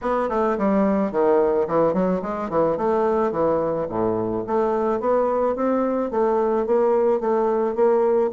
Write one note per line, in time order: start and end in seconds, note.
0.01 0.29 B3
0.29 0.57 A3
0.57 1.11 G3
1.11 1.67 D#3
1.67 1.93 E3
1.93 2.21 F#3
2.22 2.49 G#3
2.49 2.77 E3
2.77 3.31 A3
3.31 3.87 E3
3.88 4.44 A2
4.46 4.99 A3
4.99 5.55 B3
5.55 6.11 C4
6.11 6.66 A3
6.66 7.20 A#3
7.20 7.75 A3
7.75 8.31 A#3